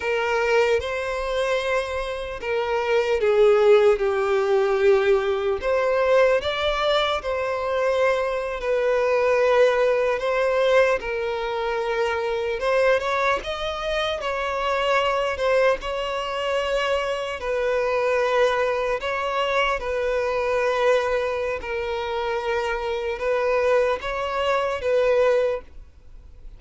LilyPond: \new Staff \with { instrumentName = "violin" } { \time 4/4 \tempo 4 = 75 ais'4 c''2 ais'4 | gis'4 g'2 c''4 | d''4 c''4.~ c''16 b'4~ b'16~ | b'8. c''4 ais'2 c''16~ |
c''16 cis''8 dis''4 cis''4. c''8 cis''16~ | cis''4.~ cis''16 b'2 cis''16~ | cis''8. b'2~ b'16 ais'4~ | ais'4 b'4 cis''4 b'4 | }